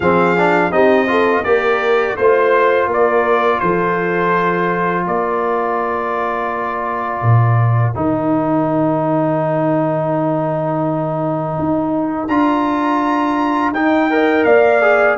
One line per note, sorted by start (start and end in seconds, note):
0.00 0.71 F3
0.00 0.36 C4
0.00 0.72 G#4
0.00 0.72 F5
0.36 0.71 D4
0.71 1.43 C4
0.71 1.07 D#4
0.71 1.09 G4
0.71 1.43 D#5
1.07 1.44 F4
1.07 1.46 A4
1.43 2.16 A#3
1.43 2.17 G4
1.43 2.17 A#4
1.43 2.16 D5
2.16 2.86 A3
2.16 7.94 F4
2.16 2.88 C5
2.16 2.89 C5
2.86 3.58 A#3
2.86 3.61 A#4
2.93 3.59 D5
3.59 5.06 F3
3.59 5.05 A4
3.59 5.04 C5
5.05 7.22 A#3
5.05 14.08 A#4
5.05 7.94 D5
7.22 7.94 A#2
7.94 11.57 D#3
7.94 12.28 D#4
7.94 12.27 G5
11.58 12.28 D#4
12.27 13.71 D4
12.27 13.74 F4
12.27 13.72 A#5
13.71 14.44 D#4
13.71 14.10 D#4
13.71 14.44 G5
14.10 14.81 A#4
14.10 14.46 D#5
14.44 15.17 A#3
14.44 15.18 D5
14.44 15.16 F5
14.81 15.17 G#4